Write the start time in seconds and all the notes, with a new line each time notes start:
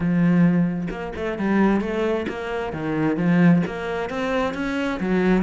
0.00 F3
0.90 A#3
1.15 A3
1.38 G3
1.81 A3
2.28 A#3
2.73 D#3
3.16 F3
3.66 A#3
4.09 C4
4.54 C#4
4.99 F#3